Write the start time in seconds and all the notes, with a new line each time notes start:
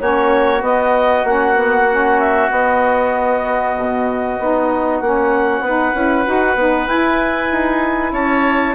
0.00 A#3 C#4 F#4 C#5
0.59 B3 D#5
1.24 A#3 C#4 F#5
1.56 B3
1.90 C#4
2.19 E5
2.50 B3 D#5
3.78 B2
4.39 B3 D#4
5.01 A#3 C#4 F#5
5.61 B3 D#4 B4
5.94 C#4 E4
6.25 D#4 F#4
6.55 B3 D#4
6.87 E4 G#5
7.51 D#4
8.12 C#4 C#5 A5